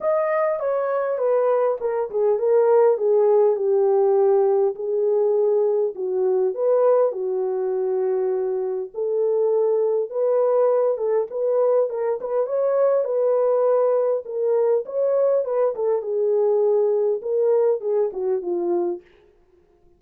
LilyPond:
\new Staff \with { instrumentName = "horn" } { \time 4/4 \tempo 4 = 101 dis''4 cis''4 b'4 ais'8 gis'8 | ais'4 gis'4 g'2 | gis'2 fis'4 b'4 | fis'2. a'4~ |
a'4 b'4. a'8 b'4 | ais'8 b'8 cis''4 b'2 | ais'4 cis''4 b'8 a'8 gis'4~ | gis'4 ais'4 gis'8 fis'8 f'4 | }